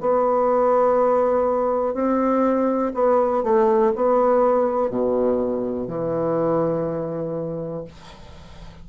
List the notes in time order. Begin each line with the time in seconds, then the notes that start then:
0.00 B3
1.94 C4
2.94 B3
3.43 A3
3.95 B3
4.90 B2
5.87 E3